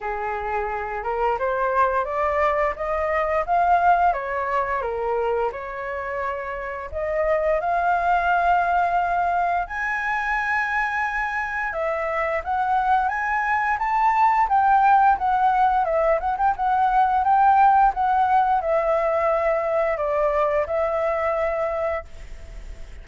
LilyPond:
\new Staff \with { instrumentName = "flute" } { \time 4/4 \tempo 4 = 87 gis'4. ais'8 c''4 d''4 | dis''4 f''4 cis''4 ais'4 | cis''2 dis''4 f''4~ | f''2 gis''2~ |
gis''4 e''4 fis''4 gis''4 | a''4 g''4 fis''4 e''8 fis''16 g''16 | fis''4 g''4 fis''4 e''4~ | e''4 d''4 e''2 | }